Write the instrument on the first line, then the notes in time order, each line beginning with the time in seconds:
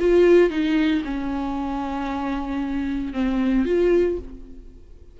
viola
0.00 F4
0.50 D#4
1.05 C#4
3.14 C4
3.66 F4